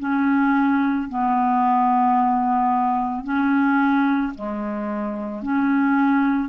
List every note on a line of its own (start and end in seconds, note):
0.00 1.09 C#4
1.09 3.24 B3
3.24 4.33 C#4
4.35 5.43 G#3
5.43 6.50 C#4